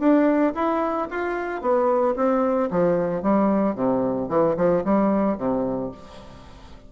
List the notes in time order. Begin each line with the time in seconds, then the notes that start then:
0.00 D4
0.55 E4
1.11 F4
1.62 B3
2.16 C4
2.71 F3
3.23 G3
3.75 C3
4.29 E3
4.57 F3
4.85 G3
5.38 C3